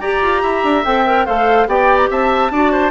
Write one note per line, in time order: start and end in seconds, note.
0.00 0.21 G4
0.00 0.85 G4
0.00 0.42 D5
0.00 0.84 A#5
0.22 0.43 F4
0.43 0.64 E4
0.43 1.26 E5
0.64 0.84 D4
0.85 1.27 C4
0.85 1.06 A4
0.85 1.26 G5
1.06 1.27 A#4
1.26 1.67 A3
1.26 1.68 A4
1.26 1.67 C5
1.26 1.67 F5
1.67 2.09 B3
1.67 2.51 G4
1.67 2.10 D5
1.67 1.97 G5
1.97 2.08 A#5
2.10 2.51 C4
2.10 2.52 E5
2.10 2.91 A5
2.51 2.91 D4
2.51 2.91 F#4
2.51 2.72 D5
2.72 2.91 C5